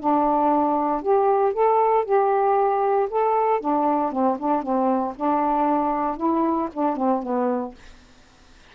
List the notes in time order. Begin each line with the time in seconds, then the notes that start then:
0.00 D4
1.02 G4
1.53 A4
2.05 G4
3.10 A4
3.61 D4
4.12 C4
4.39 D4
4.62 C4
5.16 D4
6.17 E4
6.73 D4
6.97 C4
7.23 B3